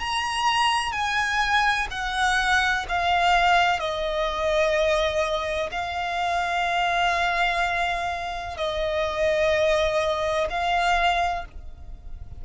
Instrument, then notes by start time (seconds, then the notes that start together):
violin
0.00 A#5
0.92 G#5
1.90 F#5
2.88 F5
3.79 D#5
5.71 F5
8.57 D#5
10.50 F5